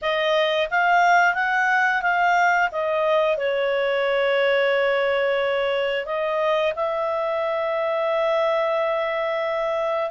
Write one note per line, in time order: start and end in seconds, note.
0.01 0.69 D#5
0.70 1.34 F5
1.34 2.01 F#5
2.02 2.69 F5
2.71 3.37 D#5
3.37 6.05 C#5
6.05 6.73 D#5
6.75 10.10 E5